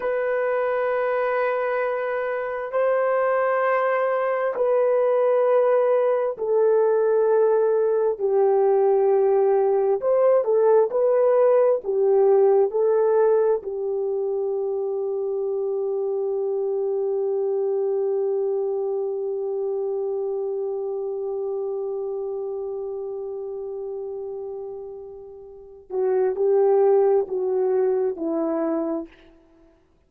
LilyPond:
\new Staff \with { instrumentName = "horn" } { \time 4/4 \tempo 4 = 66 b'2. c''4~ | c''4 b'2 a'4~ | a'4 g'2 c''8 a'8 | b'4 g'4 a'4 g'4~ |
g'1~ | g'1~ | g'1~ | g'8 fis'8 g'4 fis'4 e'4 | }